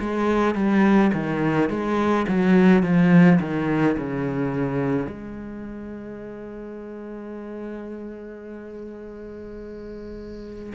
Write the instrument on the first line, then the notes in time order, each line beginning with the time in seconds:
cello
0.00 G#3
0.55 G3
1.14 D#3
1.70 G#3
2.28 F#3
2.83 F3
3.40 D#3
3.97 C#3
5.07 G#3